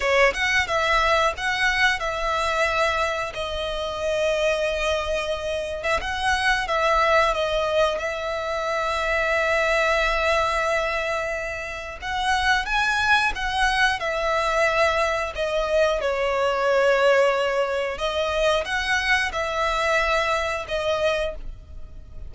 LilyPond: \new Staff \with { instrumentName = "violin" } { \time 4/4 \tempo 4 = 90 cis''8 fis''8 e''4 fis''4 e''4~ | e''4 dis''2.~ | dis''8. e''16 fis''4 e''4 dis''4 | e''1~ |
e''2 fis''4 gis''4 | fis''4 e''2 dis''4 | cis''2. dis''4 | fis''4 e''2 dis''4 | }